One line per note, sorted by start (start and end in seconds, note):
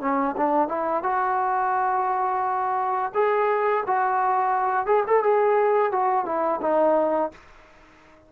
0.00 0.35 C#4
0.36 0.68 D4
0.68 1.02 E4
1.02 3.12 F#4
3.14 3.83 G#4
3.86 4.86 F#4
4.86 5.03 G#4
5.06 5.23 A4
5.23 5.92 G#4
5.92 6.25 F#4
6.25 6.60 E4
6.61 7.31 D#4